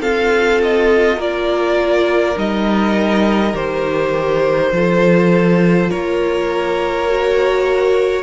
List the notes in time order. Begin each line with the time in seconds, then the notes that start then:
0.00 C4 F4 A4 F5
0.63 D#5
1.17 A#3 F4 A#4 D5
2.35 G3 D#4 D#5
3.54 D#3 G4 C5
4.72 F3 F4 A4
5.91 A#3 A#4 C#5
7.09 F#4